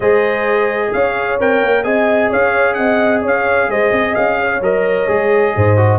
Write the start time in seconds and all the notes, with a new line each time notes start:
0.00 G#3 G#4 C5 D#5
0.92 C#4 C#5 F5
1.39 C4 A#4 G5
1.62 A#3
1.83 C4 G#4 D#5 G#5
2.29 C#4 C#5 F5
2.73 C4 D#5 F#5
3.22 C#4 C#5 F5
3.68 G#3 C5 D#5
3.91 C4 D#5
4.15 C#4 F5
4.40 C#5
4.60 F#3 A#4 D#5
5.07 G#3 G#4
5.56 G#2 C5
5.76 F#4